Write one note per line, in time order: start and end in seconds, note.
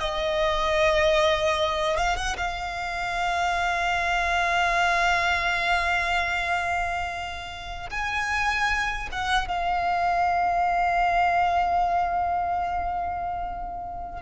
0.00 1.97 D#5
1.97 2.17 F5
2.17 2.36 F#5
2.38 7.90 F5
7.91 9.09 G#5
9.12 9.48 F#5
9.48 14.22 F5